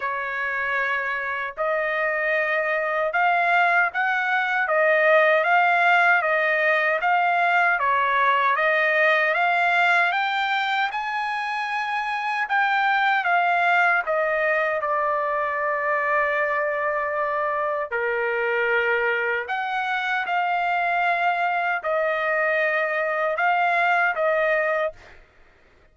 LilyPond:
\new Staff \with { instrumentName = "trumpet" } { \time 4/4 \tempo 4 = 77 cis''2 dis''2 | f''4 fis''4 dis''4 f''4 | dis''4 f''4 cis''4 dis''4 | f''4 g''4 gis''2 |
g''4 f''4 dis''4 d''4~ | d''2. ais'4~ | ais'4 fis''4 f''2 | dis''2 f''4 dis''4 | }